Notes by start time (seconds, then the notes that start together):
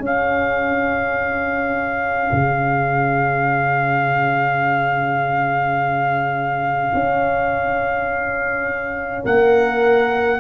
0.00 C#4 G#4 F5
2.31 C#3
6.94 C#4
9.24 A#3 A#4 F#5